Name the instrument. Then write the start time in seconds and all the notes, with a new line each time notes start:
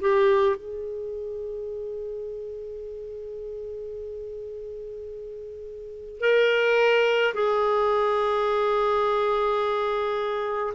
clarinet
0.00 G4
0.56 G#4
6.21 A#4
7.34 G#4